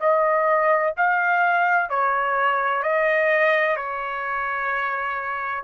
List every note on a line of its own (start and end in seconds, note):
0.00 0.94 D#5
0.97 1.90 F5
1.90 2.83 C#5
2.83 3.76 D#5
3.76 5.64 C#5